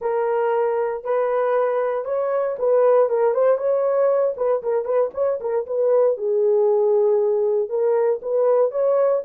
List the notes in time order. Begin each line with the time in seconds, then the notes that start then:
0.01 A#4
1.03 B4
2.05 C#5
2.58 B4
3.09 A#4
3.34 C5
3.57 C#5
4.36 B4
4.62 A#4
4.84 B4
5.14 C#5
5.40 A#4
5.66 B4
6.17 G#4
7.69 A#4
8.22 B4
8.71 C#5